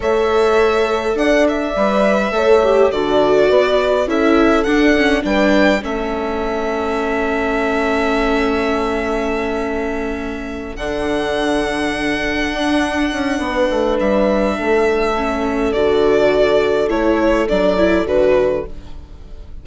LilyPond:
<<
  \new Staff \with { instrumentName = "violin" } { \time 4/4 \tempo 4 = 103 e''2 fis''8 e''4.~ | e''4 d''2 e''4 | fis''4 g''4 e''2~ | e''1~ |
e''2~ e''8 fis''4.~ | fis''1 | e''2. d''4~ | d''4 cis''4 d''4 b'4 | }
  \new Staff \with { instrumentName = "horn" } { \time 4/4 cis''2 d''2 | cis''4 a'4 b'4 a'4~ | a'4 b'4 a'2~ | a'1~ |
a'1~ | a'2. b'4~ | b'4 a'2.~ | a'1 | }
  \new Staff \with { instrumentName = "viola" } { \time 4/4 a'2. b'4 | a'8 g'8 fis'2 e'4 | d'8 cis'8 d'4 cis'2~ | cis'1~ |
cis'2~ cis'8 d'4.~ | d'1~ | d'2 cis'4 fis'4~ | fis'4 e'4 d'8 e'8 fis'4 | }
  \new Staff \with { instrumentName = "bassoon" } { \time 4/4 a2 d'4 g4 | a4 d4 b4 cis'4 | d'4 g4 a2~ | a1~ |
a2~ a8 d4.~ | d4. d'4 cis'8 b8 a8 | g4 a2 d4~ | d4 a4 fis4 d4 | }
>>